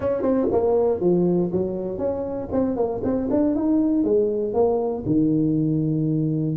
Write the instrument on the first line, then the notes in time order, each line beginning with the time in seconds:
tuba
0.00 C#4
0.22 C4
0.51 A#3
1.00 F3
1.51 F#3
1.98 C#4
2.52 C4
2.76 A#3
3.03 C4
3.30 D4
3.55 D#4
4.04 G#3
4.53 A#3
5.06 D#3